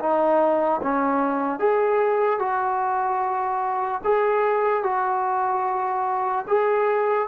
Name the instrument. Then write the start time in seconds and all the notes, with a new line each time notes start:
trombone
0.00 D#4
0.83 C#4
1.60 G#4
2.40 F#4
4.04 G#4
4.84 F#4
6.48 G#4